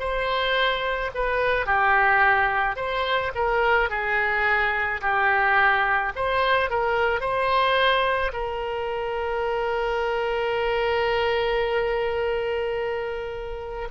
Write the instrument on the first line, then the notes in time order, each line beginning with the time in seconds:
oboe
0.00 C5
1.15 B4
1.66 G4
2.76 C5
3.35 A#4
3.90 G#4
5.02 G4
6.16 C5
6.70 A#4
7.21 C5
8.33 A#4